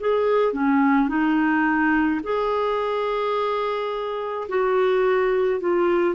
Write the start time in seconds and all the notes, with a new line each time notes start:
0.00 G#4
0.54 C#4
1.09 D#4
2.24 G#4
4.49 F#4
5.61 F4